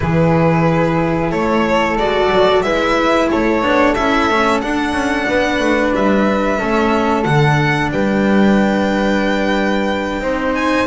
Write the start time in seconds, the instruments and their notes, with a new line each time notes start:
0.00 double bass E3, cello E4, flute G#4, violin B4
1.31 double bass A3, flute A4, violin C#5
1.96 double bass G#3, cello F#4, violin D5
2.31 double bass F#3
2.62 double bass G#3, cello E4, flute B4, violin E5
3.30 double bass A3, flute A4, violin C#5
3.61 double bass B3, cello D4
3.94 double bass C#4, cello E4, violin E5
4.29 double bass A3, cello C#4
4.61 cello D4, double bass D4, violin F#5
4.92 double bass C#4
5.28 double bass B3, flute B4
5.59 double bass A3
5.95 double bass G3, violin E5
6.58 double bass A3, cello C#4, flute A4
7.23 double bass D3, cello D4, violin F#5
7.91 double bass G3, flute B4, violin G5
10.20 double bass C4, cello D#4, flute C5
10.55 violin G#5